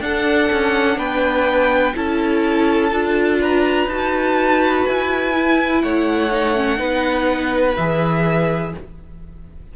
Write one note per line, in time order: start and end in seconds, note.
0.00 1.94 D4
0.00 0.49 D4
0.00 0.98 A4
0.00 0.99 F#5
0.52 0.97 C#4
0.97 1.93 B3
0.97 1.94 B4
0.97 1.96 G5
1.94 2.92 C#4
1.94 2.91 E4
1.94 3.41 A4
1.94 3.41 A5
2.91 3.86 D4
2.91 3.88 F4
3.41 5.82 B4
3.41 3.89 A#5
3.86 4.83 D#4
3.86 5.33 F#4
3.86 4.85 A5
4.85 5.83 E4
4.85 5.82 G#5
5.33 6.29 E4
5.82 6.79 A3
5.82 6.79 C#5
5.82 7.75 F#5
6.31 6.55 D#4
6.55 6.76 C#4
6.76 7.76 B3
6.76 7.73 D#4
6.76 8.72 B4
7.76 8.74 E3
7.76 8.76 G#4
7.76 8.73 E5